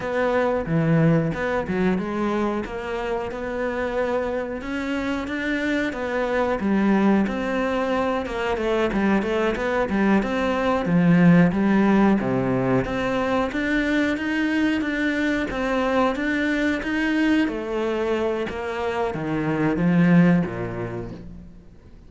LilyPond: \new Staff \with { instrumentName = "cello" } { \time 4/4 \tempo 4 = 91 b4 e4 b8 fis8 gis4 | ais4 b2 cis'4 | d'4 b4 g4 c'4~ | c'8 ais8 a8 g8 a8 b8 g8 c'8~ |
c'8 f4 g4 c4 c'8~ | c'8 d'4 dis'4 d'4 c'8~ | c'8 d'4 dis'4 a4. | ais4 dis4 f4 ais,4 | }